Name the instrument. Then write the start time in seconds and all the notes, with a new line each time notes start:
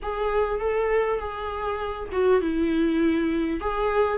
viola
0.02 G#4
0.60 A4
1.19 G#4
2.12 F#4
2.41 E4
3.60 G#4